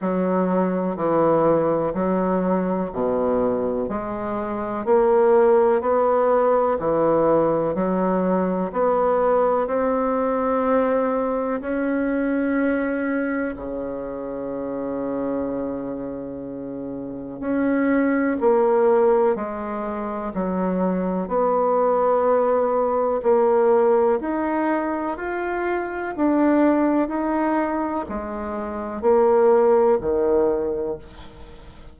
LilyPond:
\new Staff \with { instrumentName = "bassoon" } { \time 4/4 \tempo 4 = 62 fis4 e4 fis4 b,4 | gis4 ais4 b4 e4 | fis4 b4 c'2 | cis'2 cis2~ |
cis2 cis'4 ais4 | gis4 fis4 b2 | ais4 dis'4 f'4 d'4 | dis'4 gis4 ais4 dis4 | }